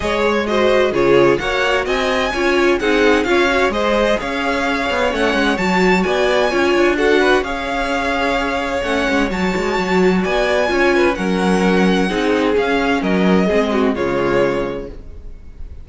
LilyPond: <<
  \new Staff \with { instrumentName = "violin" } { \time 4/4 \tempo 4 = 129 dis''8 cis''8 dis''4 cis''4 fis''4 | gis''2 fis''4 f''4 | dis''4 f''2 fis''4 | a''4 gis''2 fis''4 |
f''2. fis''4 | a''2 gis''2 | fis''2. f''4 | dis''2 cis''2 | }
  \new Staff \with { instrumentName = "violin" } { \time 4/4 cis''4 c''4 gis'4 cis''4 | dis''4 cis''4 gis'4 cis''4 | c''4 cis''2.~ | cis''4 d''4 cis''4 a'8 b'8 |
cis''1~ | cis''2 d''4 cis''8 b'8 | ais'2 gis'2 | ais'4 gis'8 fis'8 f'2 | }
  \new Staff \with { instrumentName = "viola" } { \time 4/4 gis'4 fis'4 f'4 fis'4~ | fis'4 f'4 dis'4 f'8 fis'8 | gis'2. cis'4 | fis'2 f'4 fis'4 |
gis'2. cis'4 | fis'2. f'4 | cis'2 dis'4 cis'4~ | cis'4 c'4 gis2 | }
  \new Staff \with { instrumentName = "cello" } { \time 4/4 gis2 cis4 ais4 | c'4 cis'4 c'4 cis'4 | gis4 cis'4. b8 a8 gis8 | fis4 b4 cis'8 d'4. |
cis'2. a8 gis8 | fis8 gis8 fis4 b4 cis'4 | fis2 c'4 cis'4 | fis4 gis4 cis2 | }
>>